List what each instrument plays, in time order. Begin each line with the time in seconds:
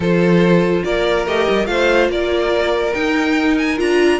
0.00 cello F3, viola F4, violin A4 C5
0.84 cello A#3, violin A#4 D5
1.26 cello A3, viola G4, violin D#5
1.49 cello G3
1.66 cello A3, viola F4, violin C5 F5
2.09 cello A#3, violin A#4 D5
2.94 viola D#4, cello D#4, violin G5
3.57 violin G#5
3.77 cello D4, viola F4, violin A#5